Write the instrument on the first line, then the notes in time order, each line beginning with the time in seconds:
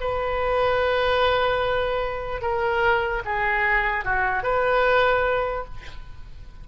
oboe
0.00 B4
2.41 A#4
3.25 G#4
4.04 F#4
4.43 B4